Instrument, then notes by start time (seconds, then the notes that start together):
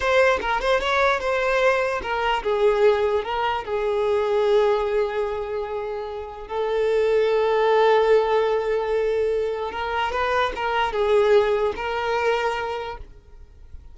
violin
0.00 C5
0.41 A#4
0.61 C5
0.80 C#5
1.20 C5
2.02 A#4
2.43 G#4
3.23 A#4
3.64 G#4
6.47 A4
9.71 A#4
10.11 B4
10.55 A#4
10.92 G#4
11.76 A#4